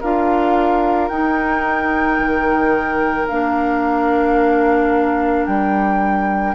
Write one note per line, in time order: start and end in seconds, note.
0.00 1.09 D4
0.00 1.10 F4
0.00 6.55 A#4
0.00 1.08 F5
1.08 2.18 D#4
1.08 3.28 D#4
1.08 3.26 G5
2.18 3.27 D#3
3.27 5.47 A#3
3.27 6.55 D4
3.27 5.45 F5
5.45 6.55 G3
5.45 6.55 G5